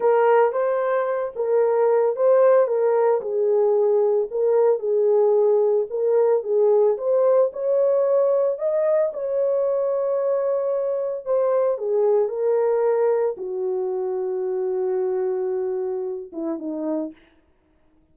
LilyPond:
\new Staff \with { instrumentName = "horn" } { \time 4/4 \tempo 4 = 112 ais'4 c''4. ais'4. | c''4 ais'4 gis'2 | ais'4 gis'2 ais'4 | gis'4 c''4 cis''2 |
dis''4 cis''2.~ | cis''4 c''4 gis'4 ais'4~ | ais'4 fis'2.~ | fis'2~ fis'8 e'8 dis'4 | }